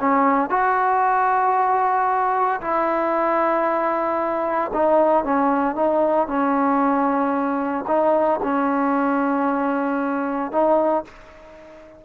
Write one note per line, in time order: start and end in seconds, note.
0.00 0.50 C#4
0.50 2.61 F#4
2.61 4.72 E4
4.74 5.24 D#4
5.24 5.75 C#4
5.75 6.28 D#4
6.28 7.85 C#4
7.88 8.40 D#4
8.43 10.52 C#4
10.52 11.05 D#4